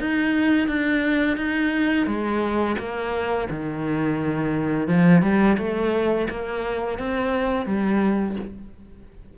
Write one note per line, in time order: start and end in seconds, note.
0.00 0.68 D#4
0.68 1.37 D4
1.37 2.07 D#4
2.07 2.77 G#3
2.79 3.49 A#3
3.50 4.88 D#3
4.88 5.22 F3
5.22 5.57 G3
5.58 6.28 A3
6.30 6.99 A#3
6.99 7.66 C4
7.66 8.36 G3